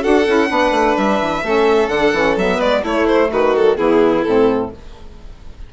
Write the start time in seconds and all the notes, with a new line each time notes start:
0.00 D4 F#4 A4 F#5
0.26 C#4 E4
0.48 B3 D4 B4
0.71 A3
0.96 G3 E5
1.21 E3
1.43 A3 C#4 A4
1.88 D3 D4 F#5
2.13 E3 C#4
2.36 F#3 B3 E5
2.56 G#3 B4 D5
2.83 A3 E4 C#5
3.07 C5
3.30 D#3 F#4 B4
3.56 F#3 A4
3.77 E3 B3 E4 G#4
4.23 A2 C4 A4